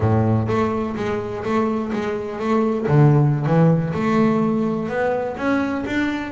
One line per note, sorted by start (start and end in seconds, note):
0.00 0.47 A2
0.47 0.95 A3
0.96 1.43 G#3
1.44 1.91 A3
1.92 2.39 G#3
2.39 2.87 A3
2.87 3.45 D3
3.45 3.93 E3
3.94 4.89 A3
4.89 5.36 B3
5.36 5.84 C#4
5.86 6.32 D4